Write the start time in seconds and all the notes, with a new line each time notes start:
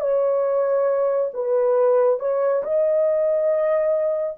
0.00 C#5
1.33 B4
2.19 C#5
2.63 D#5